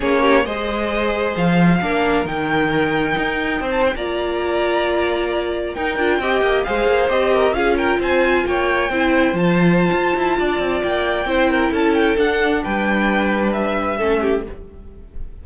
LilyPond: <<
  \new Staff \with { instrumentName = "violin" } { \time 4/4 \tempo 4 = 133 cis''4 dis''2 f''4~ | f''4 g''2.~ | g''16 a''16 g''16 ais''2.~ ais''16~ | ais''8. g''2 f''4 dis''16~ |
dis''8. f''8 g''8 gis''4 g''4~ g''16~ | g''8. a''2.~ a''16 | g''2 a''8 g''8 fis''4 | g''2 e''2 | }
  \new Staff \with { instrumentName = "violin" } { \time 4/4 gis'8 g'8 c''2. | ais'1 | c''8. d''2.~ d''16~ | d''8. ais'4 dis''4 c''4~ c''16~ |
c''16 ais'8 gis'8 ais'8 c''4 cis''4 c''16~ | c''2. d''4~ | d''4 c''8 ais'8 a'2 | b'2. a'8 g'8 | }
  \new Staff \with { instrumentName = "viola" } { \time 4/4 cis'4 gis'2. | d'4 dis'2.~ | dis'8. f'2.~ f'16~ | f'8. dis'8 f'8 g'4 gis'4 g'16~ |
g'8. f'2. e'16~ | e'8. f'2.~ f'16~ | f'4 e'2 d'4~ | d'2. cis'4 | }
  \new Staff \with { instrumentName = "cello" } { \time 4/4 ais4 gis2 f4 | ais4 dis2 dis'4 | c'8. ais2.~ ais16~ | ais8. dis'8 d'8 c'8 ais8 gis8 ais8 c'16~ |
c'8. cis'4 c'4 ais4 c'16~ | c'8. f4~ f16 f'8 e'8 d'8 c'8 | ais4 c'4 cis'4 d'4 | g2. a4 | }
>>